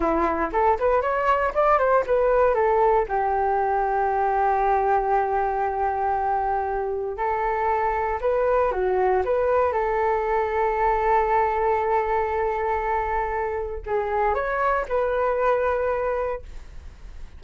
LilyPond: \new Staff \with { instrumentName = "flute" } { \time 4/4 \tempo 4 = 117 e'4 a'8 b'8 cis''4 d''8 c''8 | b'4 a'4 g'2~ | g'1~ | g'2 a'2 |
b'4 fis'4 b'4 a'4~ | a'1~ | a'2. gis'4 | cis''4 b'2. | }